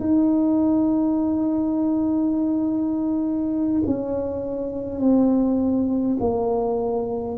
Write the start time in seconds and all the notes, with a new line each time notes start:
0.00 D#4
3.86 C#4
4.99 C4
6.20 A#3